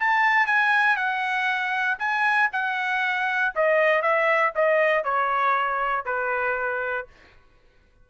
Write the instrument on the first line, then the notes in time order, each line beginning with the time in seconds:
trumpet
0.00 A5
0.47 G#5
0.97 F#5
1.99 G#5
2.53 F#5
3.56 D#5
4.02 E5
4.56 D#5
5.04 C#5
6.06 B4